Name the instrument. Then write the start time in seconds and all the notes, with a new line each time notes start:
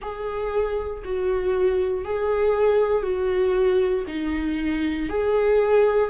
viola
0.01 G#4
1.04 F#4
2.04 G#4
3.02 F#4
4.07 D#4
5.09 G#4